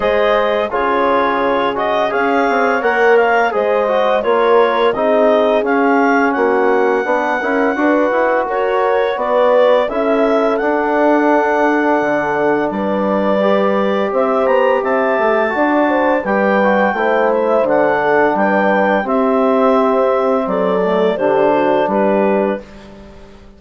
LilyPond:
<<
  \new Staff \with { instrumentName = "clarinet" } { \time 4/4 \tempo 4 = 85 dis''4 cis''4. dis''8 f''4 | fis''8 f''8 dis''4 cis''4 dis''4 | f''4 fis''2. | cis''4 d''4 e''4 fis''4~ |
fis''2 d''2 | e''8 ais''8 a''2 g''4~ | g''8 e''8 fis''4 g''4 e''4~ | e''4 d''4 c''4 b'4 | }
  \new Staff \with { instrumentName = "horn" } { \time 4/4 c''4 gis'2 cis''4~ | cis''4 c''4 ais'4 gis'4~ | gis'4 fis'4 b'8 ais'8 b'4 | ais'4 b'4 a'2~ |
a'2 b'2 | c''4 e''4 d''8 c''8 b'4 | c''4. a'8 b'4 g'4~ | g'4 a'4 g'8 fis'8 g'4 | }
  \new Staff \with { instrumentName = "trombone" } { \time 4/4 gis'4 f'4. fis'8 gis'4 | ais'4 gis'8 fis'8 f'4 dis'4 | cis'2 d'8 e'8 fis'4~ | fis'2 e'4 d'4~ |
d'2. g'4~ | g'2 fis'4 g'8 fis'8 | e'4 d'2 c'4~ | c'4. a8 d'2 | }
  \new Staff \with { instrumentName = "bassoon" } { \time 4/4 gis4 cis2 cis'8 c'8 | ais4 gis4 ais4 c'4 | cis'4 ais4 b8 cis'8 d'8 e'8 | fis'4 b4 cis'4 d'4~ |
d'4 d4 g2 | c'8 b8 c'8 a8 d'4 g4 | a4 d4 g4 c'4~ | c'4 fis4 d4 g4 | }
>>